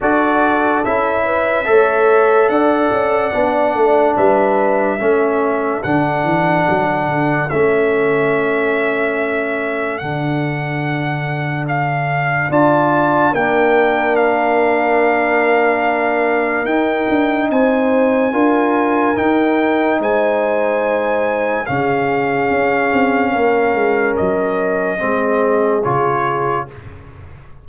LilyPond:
<<
  \new Staff \with { instrumentName = "trumpet" } { \time 4/4 \tempo 4 = 72 d''4 e''2 fis''4~ | fis''4 e''2 fis''4~ | fis''4 e''2. | fis''2 f''4 a''4 |
g''4 f''2. | g''4 gis''2 g''4 | gis''2 f''2~ | f''4 dis''2 cis''4 | }
  \new Staff \with { instrumentName = "horn" } { \time 4/4 a'4. b'8 cis''4 d''4~ | d''4 b'4 a'2~ | a'1~ | a'2. d''4 |
ais'1~ | ais'4 c''4 ais'2 | c''2 gis'2 | ais'2 gis'2 | }
  \new Staff \with { instrumentName = "trombone" } { \time 4/4 fis'4 e'4 a'2 | d'2 cis'4 d'4~ | d'4 cis'2. | d'2. f'4 |
d'1 | dis'2 f'4 dis'4~ | dis'2 cis'2~ | cis'2 c'4 f'4 | }
  \new Staff \with { instrumentName = "tuba" } { \time 4/4 d'4 cis'4 a4 d'8 cis'8 | b8 a8 g4 a4 d8 e8 | fis8 d8 a2. | d2. d'4 |
ais1 | dis'8 d'8 c'4 d'4 dis'4 | gis2 cis4 cis'8 c'8 | ais8 gis8 fis4 gis4 cis4 | }
>>